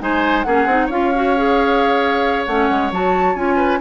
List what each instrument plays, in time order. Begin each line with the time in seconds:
0.00 bassoon G#3, clarinet D#4, oboe C5, flute G#5
0.43 bassoon A#3, clarinet C#4, oboe G#4, flute F#5
0.66 bassoon C4, clarinet D#4
0.86 bassoon C#4, clarinet F4, oboe C#5, flute F5
1.15 clarinet F#4
1.37 clarinet G#4
2.46 bassoon A3, clarinet C#4, flute F#5
2.70 bassoon G#3
2.91 bassoon F#3, clarinet F#4, flute A5
3.35 bassoon C#4, clarinet F4, flute G#5
3.56 oboe B4